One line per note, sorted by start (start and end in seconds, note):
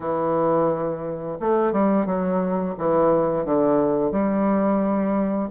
0.00 1.38 E3
1.39 1.72 A3
1.72 2.06 G3
2.06 2.75 F#3
2.78 3.45 E3
3.45 4.11 D3
4.11 5.49 G3